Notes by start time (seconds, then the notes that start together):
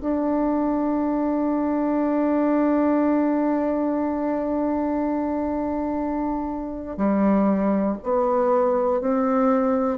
0.00 D4
6.97 G3
8.03 B3
9.00 C4